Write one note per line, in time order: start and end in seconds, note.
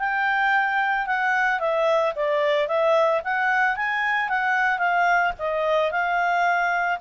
0.00 1.07 G5
1.07 1.60 F#5
1.60 2.14 E5
2.16 2.68 D5
2.68 3.22 E5
3.25 3.77 F#5
3.77 4.29 G#5
4.29 4.79 F#5
4.79 5.33 F5
5.39 5.92 D#5
5.92 6.99 F5